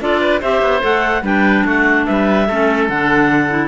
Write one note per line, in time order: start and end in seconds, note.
0.00 0.41 D4
0.00 0.41 F4
0.00 0.20 A4
0.00 0.41 D5
0.20 0.40 B4
0.40 0.61 C4
0.40 0.81 G4
0.40 1.23 C5
0.40 0.83 E5
0.61 0.82 B3
0.81 1.22 A3
0.81 1.22 A4
0.81 1.24 F#5
1.22 1.63 G3
1.22 2.47 D4
1.22 1.64 B4
1.22 1.66 G5
1.64 2.06 A3
1.64 2.06 F#4
1.64 2.05 F#5
2.05 2.48 G3
2.05 2.47 B4
2.05 2.88 E5
2.47 2.89 A3
2.47 2.91 C#4
2.47 3.67 A4
2.88 3.67 D3
2.88 3.48 D4
2.88 3.67 F#5
3.48 3.67 E4